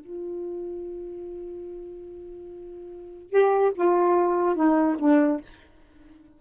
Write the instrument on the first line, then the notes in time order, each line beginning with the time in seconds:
saxophone
0.00 F4
3.30 G4
3.74 F4
4.55 D#4
4.99 D4